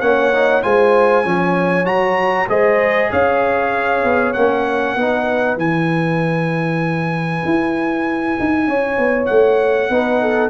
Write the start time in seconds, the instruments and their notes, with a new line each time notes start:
0.00 tuba A#3, trombone C#4, horn C#5, trumpet F#5
0.34 trombone D#4
0.62 tuba G#3, trombone F4, horn C5, trumpet G#5
1.24 tuba F3, trombone C#4, horn C#5
1.84 tuba F#3, trombone F#4, trumpet A#5
2.48 tuba G#3, trombone G#4, horn C5, trumpet D#5
3.11 tuba C#4, horn C#5, trumpet F5
4.03 tuba B3
4.33 tuba A#3, trombone C#4, trumpet F#5
4.95 tuba B3, trombone D#4, horn B4
5.56 tuba E3, trombone E4, trumpet G#5
7.44 tuba E4
8.40 tuba D#4
8.67 tuba C#4, horn C#5
8.98 tuba B3
9.25 tuba A3, trumpet F#5
9.89 tuba B3, trombone D#4, horn B4
10.21 horn A4